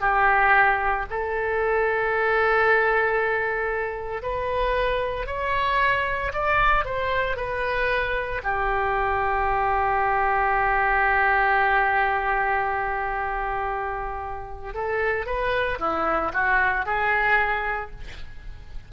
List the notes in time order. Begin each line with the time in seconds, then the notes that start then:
0.00 G4
1.10 A4
4.22 B4
5.26 C#5
6.33 D5
6.85 C5
7.36 B4
8.43 G4
14.74 A4
15.25 B4
15.79 E4
16.33 F#4
16.85 G#4